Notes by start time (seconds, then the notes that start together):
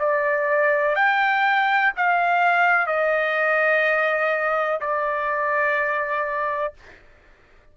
0.00 D5
0.96 G5
1.97 F5
2.87 D#5
4.81 D5